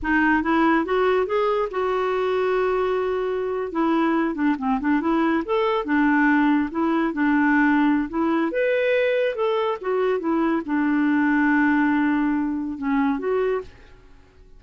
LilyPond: \new Staff \with { instrumentName = "clarinet" } { \time 4/4 \tempo 4 = 141 dis'4 e'4 fis'4 gis'4 | fis'1~ | fis'8. e'4. d'8 c'8 d'8 e'16~ | e'8. a'4 d'2 e'16~ |
e'8. d'2~ d'16 e'4 | b'2 a'4 fis'4 | e'4 d'2.~ | d'2 cis'4 fis'4 | }